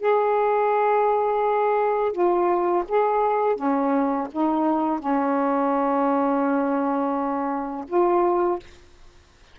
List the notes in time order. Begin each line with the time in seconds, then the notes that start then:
0.00 G#4
2.13 F4
2.89 G#4
3.56 C#4
4.32 D#4
5.00 C#4
7.88 F4